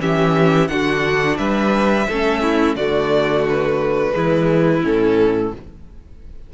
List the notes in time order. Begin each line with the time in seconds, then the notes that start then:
0.00 E3 C#4 G4 E5
0.68 D3 D4 F#4 F#5
1.37 G3 B4 E5
2.08 A3 C#4 A4
2.42 E4
2.75 D3 A3 F#4 D5
3.48 B4
4.12 E3 G#3 E4
4.83 A2 C#4 A4